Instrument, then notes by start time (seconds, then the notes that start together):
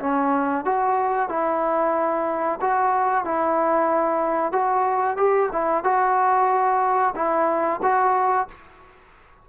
trombone
0.00 C#4
0.65 F#4
1.29 E4
2.61 F#4
3.25 E4
4.53 F#4
5.17 G4
5.53 E4
5.84 F#4
7.16 E4
7.83 F#4